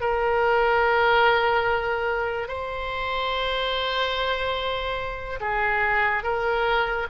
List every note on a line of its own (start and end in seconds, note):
0.00 2.48 A#4
2.48 5.39 C5
5.40 6.23 G#4
6.23 7.06 A#4